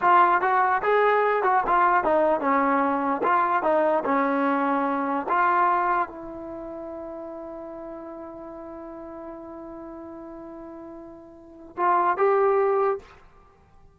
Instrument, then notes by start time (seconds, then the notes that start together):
trombone
0.01 F4
0.41 F#4
0.82 G#4
1.43 F#4
1.67 F4
2.03 D#4
2.40 C#4
3.23 F4
3.62 D#4
4.04 C#4
5.28 F4
6.08 E4
11.77 F4
12.17 G4